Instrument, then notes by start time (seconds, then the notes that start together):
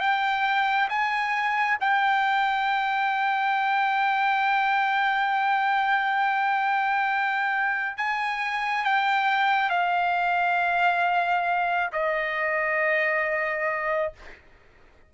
trumpet
0.00 G5
0.89 G#5
1.80 G5
7.97 G#5
8.84 G5
9.69 F5
11.92 D#5